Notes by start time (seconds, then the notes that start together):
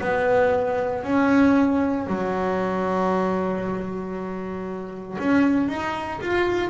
0.00 B3
1.03 C#4
2.07 F#3
5.18 C#4
5.68 D#4
6.21 F4